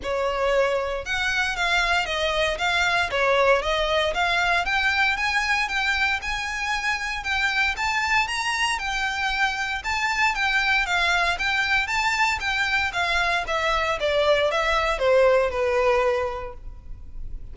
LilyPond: \new Staff \with { instrumentName = "violin" } { \time 4/4 \tempo 4 = 116 cis''2 fis''4 f''4 | dis''4 f''4 cis''4 dis''4 | f''4 g''4 gis''4 g''4 | gis''2 g''4 a''4 |
ais''4 g''2 a''4 | g''4 f''4 g''4 a''4 | g''4 f''4 e''4 d''4 | e''4 c''4 b'2 | }